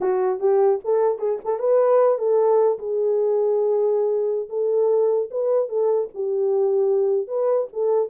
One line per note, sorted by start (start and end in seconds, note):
0.00 0.39 F#4
0.39 0.79 G4
0.84 1.19 A4
1.19 1.39 G#4
1.44 1.59 A4
1.59 2.18 B4
2.18 2.78 A4
2.78 4.48 G#4
4.49 5.29 A4
5.31 5.68 B4
5.68 6.08 A4
6.14 7.27 G4
7.27 7.67 B4
7.73 8.09 A4